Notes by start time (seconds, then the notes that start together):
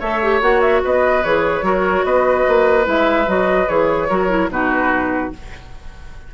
0.00 A3 A4 C#5 E5
0.23 G4
0.41 A#3 F#4 F#5
0.61 E5
0.84 B3 B4 D#5
1.24 E3 G#4 C#5
1.62 F#3 F#4 A#4
2.05 B3 B4 D#5
2.48 A#3
2.84 G#3 E4 E5
3.27 F#3 F#4 D#5
3.68 E3 G#4 C#5
4.09 F#3 F#4 A#4
4.29 E4
4.49 B2 D#4 F#4 B4